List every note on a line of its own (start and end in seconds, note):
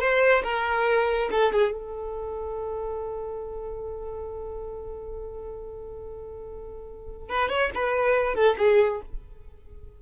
0.00 0.43 C5
0.44 1.30 A#4
1.31 1.53 A4
1.53 1.72 G#4
1.72 7.30 A4
7.30 7.49 B4
7.49 7.71 C#5
7.75 8.35 B4
8.35 8.57 A4
8.59 9.02 G#4